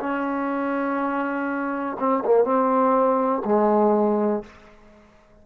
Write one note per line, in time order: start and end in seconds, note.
0.00 1.97 C#4
1.99 2.24 C4
2.25 2.44 A#3
2.44 3.42 C4
3.45 4.43 G#3